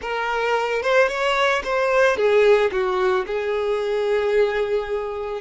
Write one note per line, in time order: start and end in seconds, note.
0.01 0.82 A#4
0.82 1.08 C5
1.08 1.62 C#5
1.63 2.16 C5
2.16 2.70 G#4
2.71 3.25 F#4
3.26 5.41 G#4